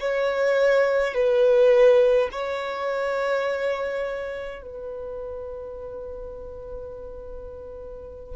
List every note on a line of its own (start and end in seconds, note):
0.00 1.14 C#5
1.14 2.30 B4
2.32 4.63 C#5
4.63 8.36 B4